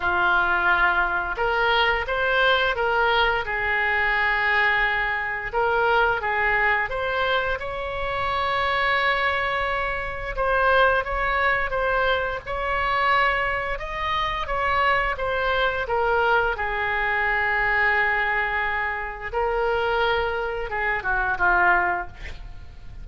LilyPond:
\new Staff \with { instrumentName = "oboe" } { \time 4/4 \tempo 4 = 87 f'2 ais'4 c''4 | ais'4 gis'2. | ais'4 gis'4 c''4 cis''4~ | cis''2. c''4 |
cis''4 c''4 cis''2 | dis''4 cis''4 c''4 ais'4 | gis'1 | ais'2 gis'8 fis'8 f'4 | }